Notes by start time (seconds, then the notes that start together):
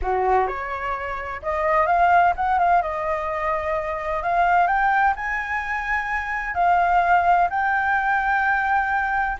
0.01 F#4
0.47 C#5
1.42 D#5
1.86 F5
2.36 F#5
2.58 F5
2.82 D#5
4.23 F5
4.67 G5
5.16 G#5
6.54 F5
7.50 G5